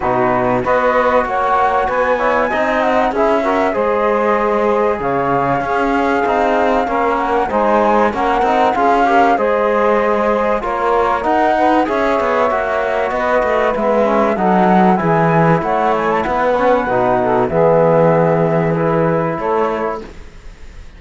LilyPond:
<<
  \new Staff \with { instrumentName = "flute" } { \time 4/4 \tempo 4 = 96 b'4 dis''4 fis''4 gis''4~ | gis''8 fis''8 e''4 dis''2 | f''2.~ f''8 fis''8 | gis''4 fis''4 f''4 dis''4~ |
dis''4 cis''4 fis''4 e''4~ | e''4 dis''4 e''4 fis''4 | gis''4 fis''8 gis''16 a''16 fis''2 | e''2 b'4 cis''4 | }
  \new Staff \with { instrumentName = "saxophone" } { \time 4/4 fis'4 b'4 cis''4 b'8 cis''8 | dis''4 gis'8 ais'8 c''2 | cis''4 gis'2 ais'4 | c''4 ais'4 gis'8 ais'8 c''4~ |
c''4 ais'4. b'8 cis''4~ | cis''4 b'2 a'4 | gis'4 cis''4 b'4. a'8 | gis'2. a'4 | }
  \new Staff \with { instrumentName = "trombone" } { \time 4/4 dis'4 fis'2~ fis'8 e'8 | dis'4 e'8 fis'8 gis'2~ | gis'4 cis'4 dis'4 cis'4 | dis'4 cis'8 dis'8 f'8 g'8 gis'4~ |
gis'4 f'4 dis'4 gis'4 | fis'2 b8 cis'8 dis'4 | e'2~ e'8 cis'8 dis'4 | b2 e'2 | }
  \new Staff \with { instrumentName = "cello" } { \time 4/4 b,4 b4 ais4 b4 | c'4 cis'4 gis2 | cis4 cis'4 c'4 ais4 | gis4 ais8 c'8 cis'4 gis4~ |
gis4 ais4 dis'4 cis'8 b8 | ais4 b8 a8 gis4 fis4 | e4 a4 b4 b,4 | e2. a4 | }
>>